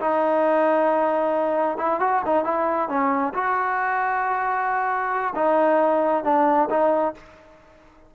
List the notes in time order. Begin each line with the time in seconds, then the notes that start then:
0.00 D#4
1.78 E4
2.00 F#4
2.26 D#4
2.44 E4
2.89 C#4
3.34 F#4
5.35 D#4
6.24 D4
6.70 D#4